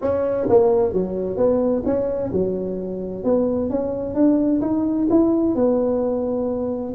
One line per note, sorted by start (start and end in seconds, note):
0.01 0.47 C#4
0.49 0.93 A#3
0.93 1.36 F#3
1.36 1.83 B3
1.85 2.31 C#4
2.32 3.24 F#3
3.24 3.69 B3
3.69 4.14 C#4
4.14 4.60 D4
4.61 5.07 D#4
5.10 5.55 E4
5.55 6.93 B3